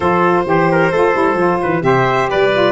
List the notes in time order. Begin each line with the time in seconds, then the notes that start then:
0.00 F3 F4 A4 C5
0.45 E3 G4 C5
0.71 A#4
0.91 A3 F4 A4
1.13 G3 E4
1.33 F3 F4
1.61 E3 B4
1.81 C3 G4 C5 E5
2.30 G3 B4 D5
2.53 F4